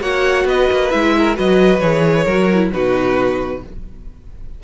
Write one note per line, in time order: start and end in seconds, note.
0.00 0.44 A#3
0.00 0.90 F#4
0.00 0.46 C#5
0.00 0.47 F#5
0.44 0.67 B3
0.44 1.16 B4
0.44 0.90 D#5
0.71 0.93 A#3
0.90 1.38 G#3
0.90 1.35 E4
0.90 1.35 E5
1.18 1.35 A#4
1.35 1.80 F#3
1.35 1.80 F#4
1.35 2.24 B4
1.35 1.79 D#5
1.79 2.25 E3
1.79 2.27 G#4
1.79 2.70 C#5
2.24 2.72 F#3
2.24 2.52 F#4
2.24 2.69 A#4
2.53 2.72 E4
2.72 3.63 B2
2.72 3.63 D#4
2.72 3.63 F#4
2.72 3.63 B4